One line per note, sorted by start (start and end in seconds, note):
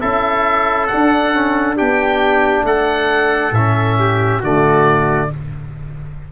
0.00 0.91 C#4
0.00 0.88 E4
0.00 1.76 A4
0.00 0.87 E5
0.87 1.33 D4
0.87 1.75 F#5
0.94 1.80 D4
1.33 1.76 C#4
1.76 2.64 B3
1.76 3.52 D4
1.76 2.65 G4
1.76 2.66 G5
2.64 3.51 A3
2.64 3.98 A4
2.64 3.53 F#5
3.51 4.40 A2
3.51 4.42 C#4
3.51 4.42 E5
3.99 4.40 G4
4.40 5.31 D3
4.40 5.31 A3
4.40 5.28 F#4
4.40 5.32 D5